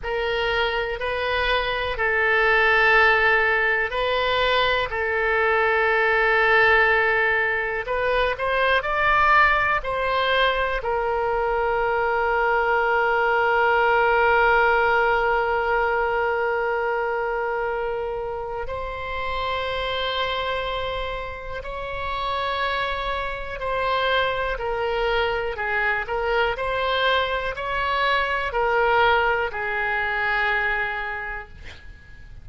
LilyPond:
\new Staff \with { instrumentName = "oboe" } { \time 4/4 \tempo 4 = 61 ais'4 b'4 a'2 | b'4 a'2. | b'8 c''8 d''4 c''4 ais'4~ | ais'1~ |
ais'2. c''4~ | c''2 cis''2 | c''4 ais'4 gis'8 ais'8 c''4 | cis''4 ais'4 gis'2 | }